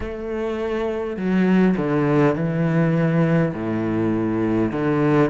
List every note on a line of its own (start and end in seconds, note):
0.00 1.17 A3
1.17 1.75 F#3
1.77 2.35 D3
2.35 3.52 E3
3.53 4.71 A2
4.71 5.30 D3